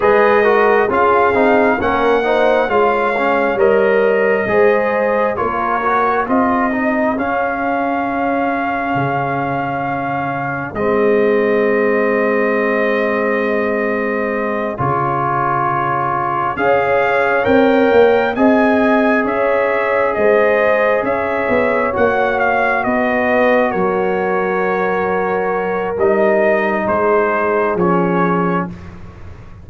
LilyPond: <<
  \new Staff \with { instrumentName = "trumpet" } { \time 4/4 \tempo 4 = 67 dis''4 f''4 fis''4 f''4 | dis''2 cis''4 dis''4 | f''1 | dis''1~ |
dis''8 cis''2 f''4 g''8~ | g''8 gis''4 e''4 dis''4 e''8~ | e''8 fis''8 f''8 dis''4 cis''4.~ | cis''4 dis''4 c''4 cis''4 | }
  \new Staff \with { instrumentName = "horn" } { \time 4/4 b'8 ais'8 gis'4 ais'8 c''8 cis''4~ | cis''4 c''4 ais'4 gis'4~ | gis'1~ | gis'1~ |
gis'2~ gis'8 cis''4.~ | cis''8 dis''4 cis''4 c''4 cis''8~ | cis''4. b'4 ais'4.~ | ais'2 gis'2 | }
  \new Staff \with { instrumentName = "trombone" } { \time 4/4 gis'8 fis'8 f'8 dis'8 cis'8 dis'8 f'8 cis'8 | ais'4 gis'4 f'8 fis'8 f'8 dis'8 | cis'1 | c'1~ |
c'8 f'2 gis'4 ais'8~ | ais'8 gis'2.~ gis'8~ | gis'8 fis'2.~ fis'8~ | fis'4 dis'2 cis'4 | }
  \new Staff \with { instrumentName = "tuba" } { \time 4/4 gis4 cis'8 c'8 ais4 gis4 | g4 gis4 ais4 c'4 | cis'2 cis2 | gis1~ |
gis8 cis2 cis'4 c'8 | ais8 c'4 cis'4 gis4 cis'8 | b8 ais4 b4 fis4.~ | fis4 g4 gis4 f4 | }
>>